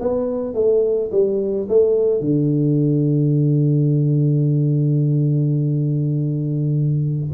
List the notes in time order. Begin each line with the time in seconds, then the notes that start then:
0.00 B3
0.54 A3
1.11 G3
1.68 A3
2.20 D3